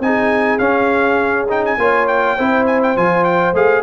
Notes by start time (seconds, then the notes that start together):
0.00 C4 D#4 G#4 G#5
0.59 C#4 F5
1.49 D#4 G5
1.65 G#5
1.78 A#3 F4 C#5
2.07 G5
2.37 C4 E4 C5
2.67 G#5
2.83 G5
2.97 F3 F4 G#5
3.24 G5
3.54 A3 G#4 F5